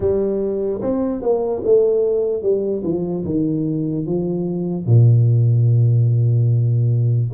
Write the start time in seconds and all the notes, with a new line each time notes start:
0.00 G3
0.81 C4
1.22 A#3
1.64 A3
2.42 G3
2.83 F3
3.24 D#3
4.06 F3
4.86 A#2